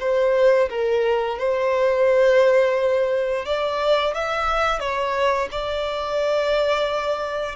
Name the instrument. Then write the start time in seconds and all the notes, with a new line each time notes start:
violin
0.00 C5
0.70 A#4
1.39 C5
3.45 D5
4.14 E5
4.80 C#5
5.51 D5